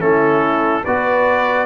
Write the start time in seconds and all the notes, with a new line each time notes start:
0.00 A3 C#4 E4 A4
0.82 B3 F#4 B4 D5